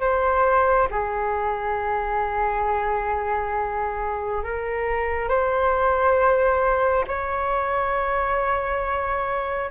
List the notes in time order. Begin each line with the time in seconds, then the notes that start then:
0.00 C5
0.90 G#4
4.43 A#4
5.28 C5
7.07 C#5